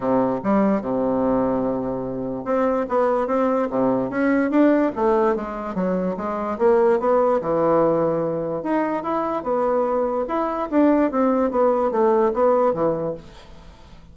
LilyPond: \new Staff \with { instrumentName = "bassoon" } { \time 4/4 \tempo 4 = 146 c4 g4 c2~ | c2 c'4 b4 | c'4 c4 cis'4 d'4 | a4 gis4 fis4 gis4 |
ais4 b4 e2~ | e4 dis'4 e'4 b4~ | b4 e'4 d'4 c'4 | b4 a4 b4 e4 | }